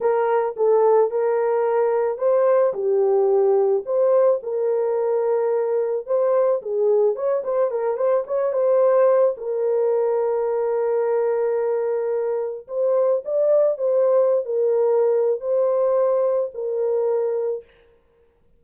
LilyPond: \new Staff \with { instrumentName = "horn" } { \time 4/4 \tempo 4 = 109 ais'4 a'4 ais'2 | c''4 g'2 c''4 | ais'2. c''4 | gis'4 cis''8 c''8 ais'8 c''8 cis''8 c''8~ |
c''4 ais'2.~ | ais'2. c''4 | d''4 c''4~ c''16 ais'4.~ ais'16 | c''2 ais'2 | }